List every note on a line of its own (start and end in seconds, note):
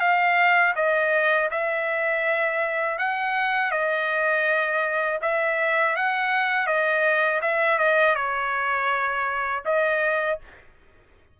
0.00 0.74 F5
0.76 1.50 D#5
1.51 2.99 E5
2.99 3.71 F#5
3.71 5.20 D#5
5.22 5.96 E5
5.96 6.67 F#5
6.67 7.41 D#5
7.42 7.79 E5
7.79 8.15 D#5
8.15 9.64 C#5
9.65 10.39 D#5